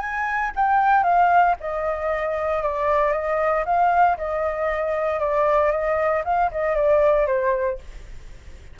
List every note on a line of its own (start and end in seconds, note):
0.00 0.52 G#5
0.56 1.03 G5
1.03 1.55 F5
1.60 2.63 D#5
2.63 3.12 D5
3.12 3.64 D#5
3.65 4.17 F5
4.18 5.20 D#5
5.20 5.72 D5
5.72 6.23 D#5
6.25 6.51 F5
6.51 6.76 D#5
6.76 7.27 D5
7.27 7.79 C5